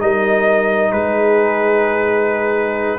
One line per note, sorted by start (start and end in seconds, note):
0.00 0.93 G3
0.00 2.99 D#4
0.00 0.92 A#4
0.00 0.92 D#5
0.92 2.99 G#3
0.92 2.99 G#4
0.92 2.99 B4